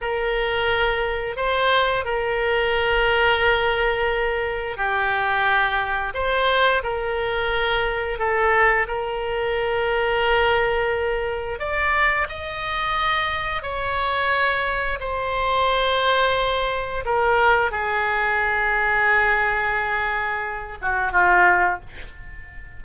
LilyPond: \new Staff \with { instrumentName = "oboe" } { \time 4/4 \tempo 4 = 88 ais'2 c''4 ais'4~ | ais'2. g'4~ | g'4 c''4 ais'2 | a'4 ais'2.~ |
ais'4 d''4 dis''2 | cis''2 c''2~ | c''4 ais'4 gis'2~ | gis'2~ gis'8 fis'8 f'4 | }